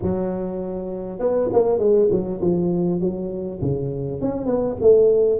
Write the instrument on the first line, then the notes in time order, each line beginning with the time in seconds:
tuba
0.02 F#3
1.19 B3
1.52 A#3
1.78 G#3
2.10 F#3
2.41 F3
3.00 F#3
3.61 C#3
4.21 C#4
4.46 B3
4.80 A3